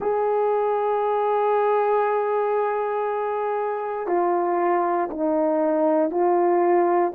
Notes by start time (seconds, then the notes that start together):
0.00 G#4
4.07 F4
5.10 D#4
6.10 F4